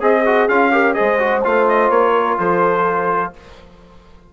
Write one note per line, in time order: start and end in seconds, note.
0.00 0.48 C4
0.00 0.24 G#4
0.00 0.72 G#4
0.00 0.48 D#5
0.25 0.49 F#4
0.48 0.96 C#4
0.48 0.71 F4
0.48 0.94 F5
0.71 0.95 G4
0.71 0.95 A#4
0.94 1.18 G#4
0.94 2.13 C5
0.94 1.41 D#5
1.00 1.45 G#3
1.18 1.42 F#4
1.44 1.89 A3
1.44 3.33 F4
1.44 1.68 F5
1.68 1.90 D#5
1.89 2.37 A#3
1.89 2.38 C#5
2.14 2.37 A#4
2.37 3.33 F3
2.37 3.32 A4
2.37 3.33 C5